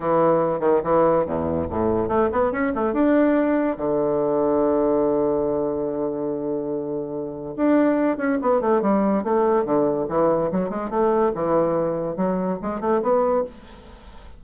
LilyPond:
\new Staff \with { instrumentName = "bassoon" } { \time 4/4 \tempo 4 = 143 e4. dis8 e4 e,4 | a,4 a8 b8 cis'8 a8 d'4~ | d'4 d2.~ | d1~ |
d2 d'4. cis'8 | b8 a8 g4 a4 d4 | e4 fis8 gis8 a4 e4~ | e4 fis4 gis8 a8 b4 | }